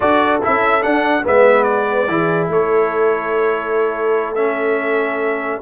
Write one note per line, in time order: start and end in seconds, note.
0.00 0.42 D4
0.00 0.41 F#4
0.00 1.23 A4
0.00 0.40 D5
0.42 0.84 C#4
0.42 0.81 E4
0.42 0.82 E5
0.81 1.22 D4
0.81 1.25 D4
0.81 1.24 F#5
1.24 2.08 G#3
1.24 2.07 B3
1.24 2.09 B4
1.24 1.63 E5
1.63 2.47 D5
2.08 2.48 E3
2.08 4.36 E4
2.08 2.50 G#4
2.48 5.61 A3
2.48 5.62 A4
2.48 4.34 C#5
4.34 5.61 C#4
4.34 5.59 E5